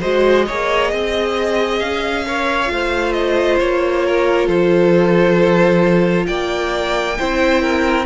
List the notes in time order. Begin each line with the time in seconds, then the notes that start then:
0.00 G#3 F#4 C5 D#5
0.46 A#3 G#4 C#5
0.90 C4 D#5
1.79 C#4 F5
2.26 A#4 C#5
2.65 A3 F4
2.72 C5
3.12 D#5
3.59 A#3 C#5
4.06 A#4
4.47 F3 A4 C5
6.26 A#3 D5 G5
7.18 C4 E4 C5
7.62 A#4